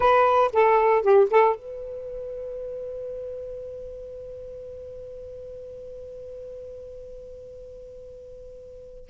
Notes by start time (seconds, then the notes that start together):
0.00 B4
0.53 A4
1.02 G4
1.30 A4
1.55 B4